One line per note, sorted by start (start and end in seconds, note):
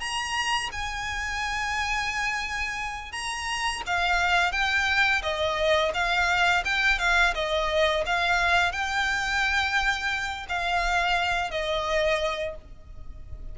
0.00 0.70 A#5
0.72 3.12 G#5
3.12 3.82 A#5
3.87 4.52 F5
4.52 5.22 G5
5.23 5.92 D#5
5.94 6.64 F5
6.65 6.99 G5
6.99 7.34 F5
7.35 8.05 D#5
8.06 8.72 F5
8.72 10.47 G5
10.49 11.51 F5
11.51 12.55 D#5